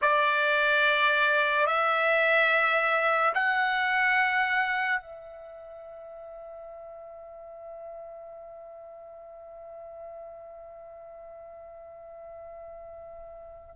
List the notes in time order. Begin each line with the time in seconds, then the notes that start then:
0.02 D5
1.66 E5
3.34 F#5
5.00 E5